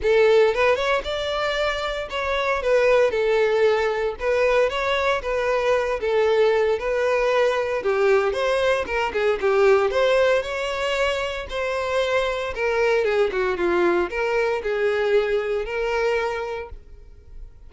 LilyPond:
\new Staff \with { instrumentName = "violin" } { \time 4/4 \tempo 4 = 115 a'4 b'8 cis''8 d''2 | cis''4 b'4 a'2 | b'4 cis''4 b'4. a'8~ | a'4 b'2 g'4 |
c''4 ais'8 gis'8 g'4 c''4 | cis''2 c''2 | ais'4 gis'8 fis'8 f'4 ais'4 | gis'2 ais'2 | }